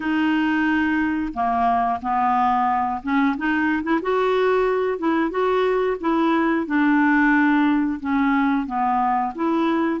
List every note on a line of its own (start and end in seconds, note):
0.00 1.33 D#4
1.33 2.00 A#3
2.02 3.02 B3
3.02 3.36 C#4
3.37 3.83 D#4
3.83 4.00 E4
4.02 4.98 F#4
4.98 5.30 E4
5.30 5.97 F#4
6.00 6.66 E4
6.66 7.99 D4
7.99 8.66 C#4
8.66 9.32 B3
9.35 10.00 E4